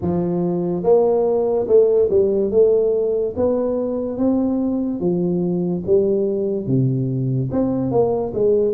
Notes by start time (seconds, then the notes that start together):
0.01 F3
0.83 A#3
1.67 A3
2.09 G3
2.50 A3
3.36 B3
4.17 C4
5.00 F3
5.86 G3
6.66 C3
7.52 C4
7.91 A#3
8.33 G#3